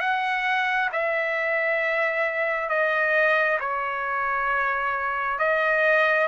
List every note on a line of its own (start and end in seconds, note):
0.00 0.90 F#5
0.92 2.69 E5
2.69 3.59 D#5
3.60 5.39 C#5
5.39 6.28 D#5